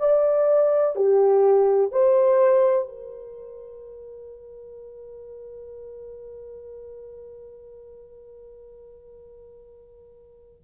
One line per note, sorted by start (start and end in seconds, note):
0.00 0.96 D5
0.96 1.92 G4
1.92 2.89 C5
2.89 10.63 A#4